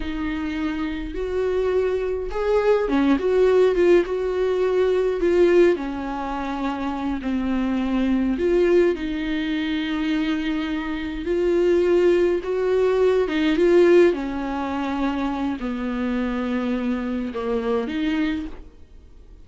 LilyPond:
\new Staff \with { instrumentName = "viola" } { \time 4/4 \tempo 4 = 104 dis'2 fis'2 | gis'4 cis'8 fis'4 f'8 fis'4~ | fis'4 f'4 cis'2~ | cis'8 c'2 f'4 dis'8~ |
dis'2.~ dis'8 f'8~ | f'4. fis'4. dis'8 f'8~ | f'8 cis'2~ cis'8 b4~ | b2 ais4 dis'4 | }